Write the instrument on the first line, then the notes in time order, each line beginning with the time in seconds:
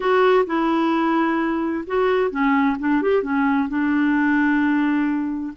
clarinet
0.00 F#4
0.46 E4
1.86 F#4
2.30 C#4
2.79 D4
3.01 G4
3.22 C#4
3.68 D4